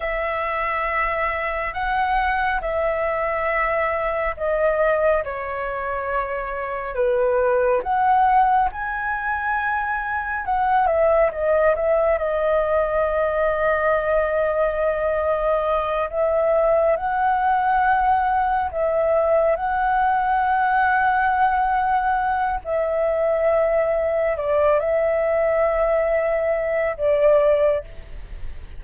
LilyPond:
\new Staff \with { instrumentName = "flute" } { \time 4/4 \tempo 4 = 69 e''2 fis''4 e''4~ | e''4 dis''4 cis''2 | b'4 fis''4 gis''2 | fis''8 e''8 dis''8 e''8 dis''2~ |
dis''2~ dis''8 e''4 fis''8~ | fis''4. e''4 fis''4.~ | fis''2 e''2 | d''8 e''2~ e''8 d''4 | }